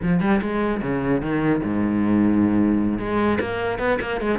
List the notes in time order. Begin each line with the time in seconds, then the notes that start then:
0.02 F3
0.20 G3
0.41 G#3
0.82 C#3
1.21 D#3
1.63 G#2
2.99 G#3
3.40 A#3
3.79 B3
4.00 A#3
4.20 G#3